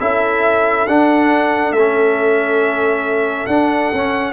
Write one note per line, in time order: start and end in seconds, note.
0.00 0.87 C#4
0.00 0.87 E4
0.00 4.33 A4
0.00 0.87 E5
0.87 1.72 D4
0.87 1.76 D4
0.87 1.73 F#5
1.72 3.45 A3
1.72 3.47 E5
1.78 3.50 C#4
3.47 3.91 D4
3.47 3.93 D4
3.47 4.33 F#5
3.93 4.33 C#4